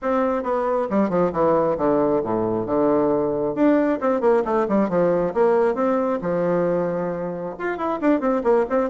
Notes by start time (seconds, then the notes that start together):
0.01 C4
0.43 B3
0.90 G3
1.09 F3
1.32 E3
1.77 D3
2.23 A2
2.65 D3
3.54 D4
4.01 C4
4.20 A#3
4.44 A3
4.68 G3
4.89 F3
5.34 A#3
5.74 C4
6.21 F3
7.59 F4
7.77 E4
8.01 D4
8.20 C4
8.43 A#3
8.69 C4